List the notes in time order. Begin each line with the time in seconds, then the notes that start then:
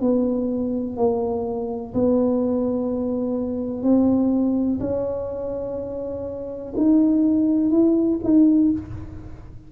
0.00 B3
0.97 A#3
1.94 B3
3.82 C4
4.79 C#4
6.77 D#4
7.70 E4
8.23 D#4